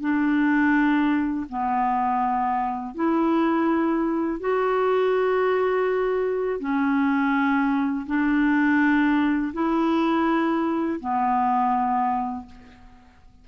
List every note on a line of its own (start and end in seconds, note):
0.00 1.46 D4
1.49 2.95 B3
2.95 4.40 E4
4.40 6.59 F#4
6.60 8.06 C#4
8.06 9.52 D4
9.53 10.99 E4
11.00 12.46 B3